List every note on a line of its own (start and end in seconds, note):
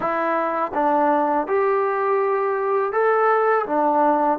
0.00 0.72 E4
0.74 1.47 D4
1.47 2.92 G4
2.92 3.65 A4
3.66 4.39 D4